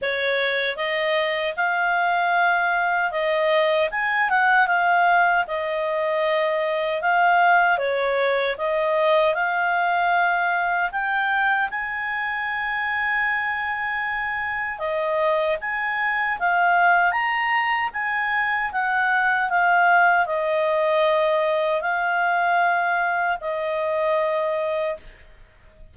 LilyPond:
\new Staff \with { instrumentName = "clarinet" } { \time 4/4 \tempo 4 = 77 cis''4 dis''4 f''2 | dis''4 gis''8 fis''8 f''4 dis''4~ | dis''4 f''4 cis''4 dis''4 | f''2 g''4 gis''4~ |
gis''2. dis''4 | gis''4 f''4 ais''4 gis''4 | fis''4 f''4 dis''2 | f''2 dis''2 | }